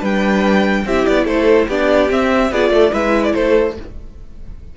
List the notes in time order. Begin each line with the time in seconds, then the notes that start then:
0.00 G3 D4 B4 G5
0.86 C4 E4 G4 E5
1.06 B3 D5
1.25 A3 A4 C5
1.68 B3 D4 G4 D5
2.10 C4 E5
2.52 B3 F4 G#4 D5
2.71 A3 A4
2.92 G#3 E4 B4 E5
3.24 D5
3.34 A3 A4 C5